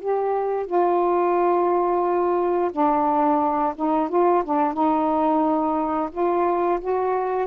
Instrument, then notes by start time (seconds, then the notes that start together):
saxophone
0.00 G4
0.66 F4
2.72 D4
3.76 D#4
4.09 F4
4.44 D4
4.74 D#4
6.11 F4
6.81 F#4